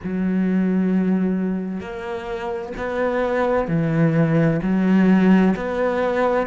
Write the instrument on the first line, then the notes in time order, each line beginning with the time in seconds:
cello
0.03 F#3
1.80 A#3
2.77 B3
3.68 E3
4.62 F#3
5.56 B3